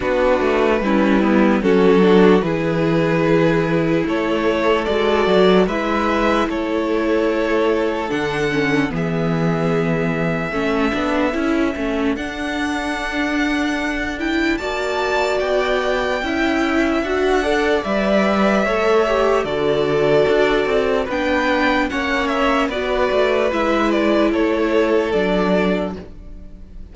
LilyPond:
<<
  \new Staff \with { instrumentName = "violin" } { \time 4/4 \tempo 4 = 74 b'2 a'4 b'4~ | b'4 cis''4 d''4 e''4 | cis''2 fis''4 e''4~ | e''2. fis''4~ |
fis''4. g''8 a''4 g''4~ | g''4 fis''4 e''2 | d''2 g''4 fis''8 e''8 | d''4 e''8 d''8 cis''4 d''4 | }
  \new Staff \with { instrumentName = "violin" } { \time 4/4 fis'4 e'4 fis'4 gis'4~ | gis'4 a'2 b'4 | a'2. gis'4~ | gis'4 a'2.~ |
a'2 d''2 | e''4. d''4. cis''4 | a'2 b'4 cis''4 | b'2 a'2 | }
  \new Staff \with { instrumentName = "viola" } { \time 4/4 d'4 cis'8 b8 cis'8 d'8 e'4~ | e'2 fis'4 e'4~ | e'2 d'8 cis'8 b4~ | b4 cis'8 d'8 e'8 cis'8 d'4~ |
d'4. e'8 fis'2 | e'4 fis'8 a'8 b'4 a'8 g'8 | fis'2 d'4 cis'4 | fis'4 e'2 d'4 | }
  \new Staff \with { instrumentName = "cello" } { \time 4/4 b8 a8 g4 fis4 e4~ | e4 a4 gis8 fis8 gis4 | a2 d4 e4~ | e4 a8 b8 cis'8 a8 d'4~ |
d'2 ais4 b4 | cis'4 d'4 g4 a4 | d4 d'8 c'8 b4 ais4 | b8 a8 gis4 a4 fis4 | }
>>